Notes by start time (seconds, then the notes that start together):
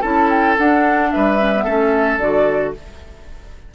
0.00 C#4 E4 A4 A5
0.29 G5
0.58 D4 F#5
1.11 G3 B4 E5
1.39 C#4
1.55 B3
1.64 A3 C#4 A4
2.18 D3 F#4 D5